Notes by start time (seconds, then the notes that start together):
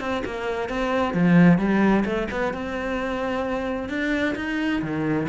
0.00 C4
0.25 A#3
0.69 C4
1.13 F3
1.58 G3
2.05 A3
2.30 B3
2.53 C4
3.89 D4
4.35 D#4
4.81 D#3